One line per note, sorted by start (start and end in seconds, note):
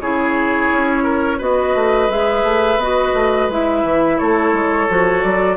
0.00 0.70 C#3
0.00 1.39 E4
0.00 1.03 G#4
0.00 1.40 C#5
0.71 1.40 C#4
1.03 1.37 A#4
1.37 1.74 B3
1.37 2.09 F#4
1.37 4.16 B4
1.37 2.10 D#5
1.74 2.09 A3
2.09 2.43 G#3
2.09 2.78 G#4
2.09 2.80 E5
2.43 2.76 A3
2.76 3.11 B3
2.76 3.50 F#4
2.76 3.50 D#5
3.14 3.48 A3
3.48 3.83 G#3
3.48 4.89 E4
3.48 4.18 E5
3.83 4.18 E3
4.18 4.52 A3
4.18 5.56 A4
4.18 5.22 C#5
4.52 4.87 G#3
4.89 5.23 F3
4.89 5.56 F#4
5.22 5.56 F#3
5.22 5.56 D5